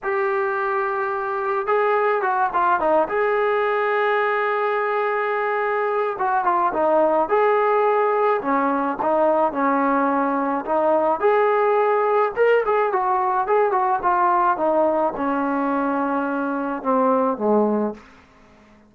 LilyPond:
\new Staff \with { instrumentName = "trombone" } { \time 4/4 \tempo 4 = 107 g'2. gis'4 | fis'8 f'8 dis'8 gis'2~ gis'8~ | gis'2. fis'8 f'8 | dis'4 gis'2 cis'4 |
dis'4 cis'2 dis'4 | gis'2 ais'8 gis'8 fis'4 | gis'8 fis'8 f'4 dis'4 cis'4~ | cis'2 c'4 gis4 | }